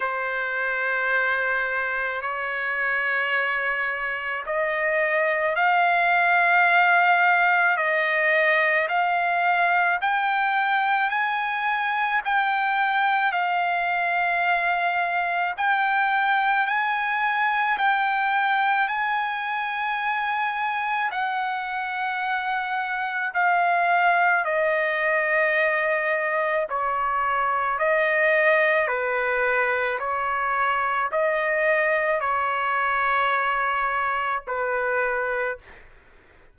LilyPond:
\new Staff \with { instrumentName = "trumpet" } { \time 4/4 \tempo 4 = 54 c''2 cis''2 | dis''4 f''2 dis''4 | f''4 g''4 gis''4 g''4 | f''2 g''4 gis''4 |
g''4 gis''2 fis''4~ | fis''4 f''4 dis''2 | cis''4 dis''4 b'4 cis''4 | dis''4 cis''2 b'4 | }